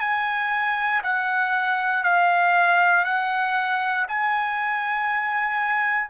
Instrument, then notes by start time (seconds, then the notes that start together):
trumpet
0.00 G#5
1.03 F#5
2.04 F5
3.05 F#5
4.08 G#5